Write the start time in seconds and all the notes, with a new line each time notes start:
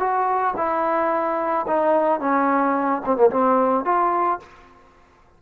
0.00 F#4
0.57 E4
1.68 D#4
2.21 C#4
3.05 C4
3.17 A#3
3.31 C4
3.86 F4